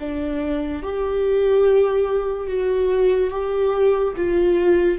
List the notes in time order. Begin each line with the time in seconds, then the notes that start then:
0.00 D4
0.83 G4
2.48 F#4
3.31 G4
4.17 F4